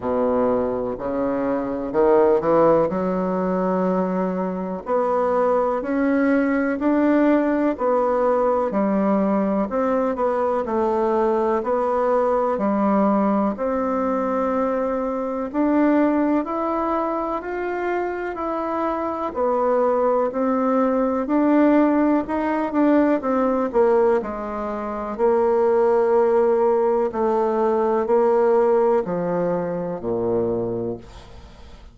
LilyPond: \new Staff \with { instrumentName = "bassoon" } { \time 4/4 \tempo 4 = 62 b,4 cis4 dis8 e8 fis4~ | fis4 b4 cis'4 d'4 | b4 g4 c'8 b8 a4 | b4 g4 c'2 |
d'4 e'4 f'4 e'4 | b4 c'4 d'4 dis'8 d'8 | c'8 ais8 gis4 ais2 | a4 ais4 f4 ais,4 | }